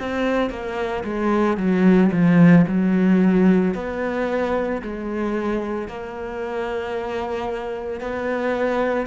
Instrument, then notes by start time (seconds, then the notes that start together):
cello
0.00 C4
0.50 A#3
1.04 G#3
1.57 F#3
2.12 F3
2.67 F#3
3.75 B3
4.82 G#3
5.88 A#3
8.01 B3